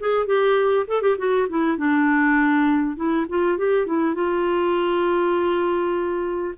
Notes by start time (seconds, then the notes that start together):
0.00 G#4
0.26 G4
0.88 A4
1.02 G4
1.18 F#4
1.49 E4
1.78 D4
2.96 E4
3.29 F4
3.58 G4
3.87 E4
4.15 F4